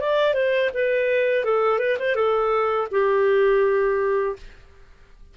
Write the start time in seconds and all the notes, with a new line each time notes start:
0.00 D5
0.34 C5
0.74 B4
1.44 A4
1.79 B4
1.99 C5
2.15 A4
2.91 G4